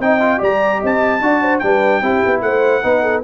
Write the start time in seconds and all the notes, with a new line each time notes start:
0.00 C4 D#4 D#5 G5
0.21 F4
0.38 G3 G4 D5 A#5
0.79 C4 D#5
0.86 A5
1.21 D4 F#4 D5
1.43 C5
1.59 G3 D4 B4 G5
2.02 C4 E4 G4
2.26 B3
2.42 A3 C5 F#5
2.83 B3 D#4 B4
3.03 A4